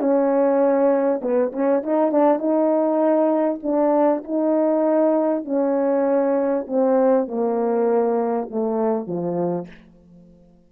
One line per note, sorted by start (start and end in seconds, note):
0.00 1.21 C#4
1.22 1.52 B3
1.53 1.83 C#4
1.83 2.12 D#4
2.12 2.39 D4
2.39 3.60 D#4
3.63 4.24 D4
4.24 5.45 D#4
5.45 6.66 C#4
6.67 7.28 C4
7.28 8.49 A#3
8.51 9.07 A3
9.07 9.68 F3